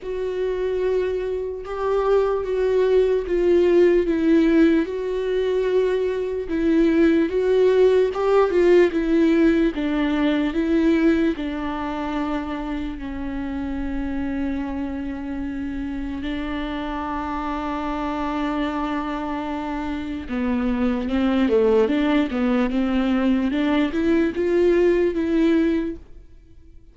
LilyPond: \new Staff \with { instrumentName = "viola" } { \time 4/4 \tempo 4 = 74 fis'2 g'4 fis'4 | f'4 e'4 fis'2 | e'4 fis'4 g'8 f'8 e'4 | d'4 e'4 d'2 |
cis'1 | d'1~ | d'4 b4 c'8 a8 d'8 b8 | c'4 d'8 e'8 f'4 e'4 | }